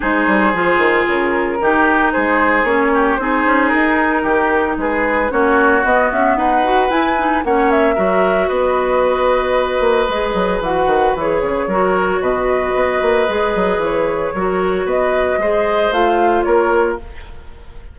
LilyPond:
<<
  \new Staff \with { instrumentName = "flute" } { \time 4/4 \tempo 4 = 113 c''2 ais'2 | c''4 cis''4 c''4 ais'4~ | ais'4 b'4 cis''4 dis''8 e''8 | fis''4 gis''4 fis''8 e''4. |
dis''1 | fis''4 cis''2 dis''4~ | dis''2 cis''2 | dis''2 f''4 cis''4 | }
  \new Staff \with { instrumentName = "oboe" } { \time 4/4 gis'2. g'4 | gis'4. g'8 gis'2 | g'4 gis'4 fis'2 | b'2 cis''4 ais'4 |
b'1~ | b'2 ais'4 b'4~ | b'2. ais'4 | b'4 c''2 ais'4 | }
  \new Staff \with { instrumentName = "clarinet" } { \time 4/4 dis'4 f'2 dis'4~ | dis'4 cis'4 dis'2~ | dis'2 cis'4 b4~ | b8 fis'8 e'8 dis'8 cis'4 fis'4~ |
fis'2. gis'4 | fis'4 gis'4 fis'2~ | fis'4 gis'2 fis'4~ | fis'4 gis'4 f'2 | }
  \new Staff \with { instrumentName = "bassoon" } { \time 4/4 gis8 g8 f8 dis8 cis4 dis4 | gis4 ais4 c'8 cis'8 dis'4 | dis4 gis4 ais4 b8 cis'8 | dis'4 e'4 ais4 fis4 |
b2~ b8 ais8 gis8 fis8 | e8 dis8 e8 cis8 fis4 b,4 | b8 ais8 gis8 fis8 e4 fis4 | b4 gis4 a4 ais4 | }
>>